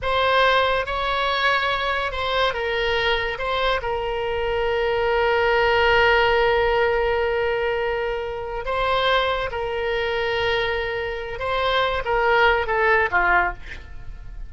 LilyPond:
\new Staff \with { instrumentName = "oboe" } { \time 4/4 \tempo 4 = 142 c''2 cis''2~ | cis''4 c''4 ais'2 | c''4 ais'2.~ | ais'1~ |
ais'1~ | ais'8 c''2 ais'4.~ | ais'2. c''4~ | c''8 ais'4. a'4 f'4 | }